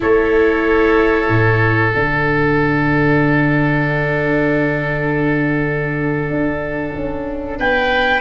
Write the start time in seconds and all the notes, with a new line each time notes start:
0.00 A3 E4 A4 C#5
1.28 A2
1.92 D3 D4 F#5
6.29 D4
6.94 C#4
7.58 B3 B4 G5